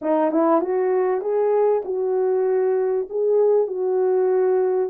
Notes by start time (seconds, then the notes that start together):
0.01 D#4
0.31 E4
0.61 F#4
1.21 G#4
1.85 F#4
3.09 G#4
3.67 F#4